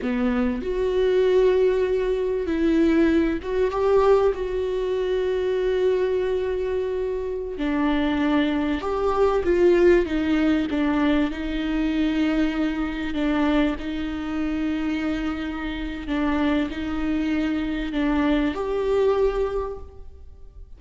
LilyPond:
\new Staff \with { instrumentName = "viola" } { \time 4/4 \tempo 4 = 97 b4 fis'2. | e'4. fis'8 g'4 fis'4~ | fis'1~ | fis'16 d'2 g'4 f'8.~ |
f'16 dis'4 d'4 dis'4.~ dis'16~ | dis'4~ dis'16 d'4 dis'4.~ dis'16~ | dis'2 d'4 dis'4~ | dis'4 d'4 g'2 | }